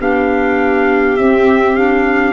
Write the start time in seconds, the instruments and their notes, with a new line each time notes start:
0.00 tuba B3, clarinet D4, viola G4, trumpet F5
1.17 tuba C4, clarinet C4, trumpet E5
1.76 clarinet D4, trumpet F5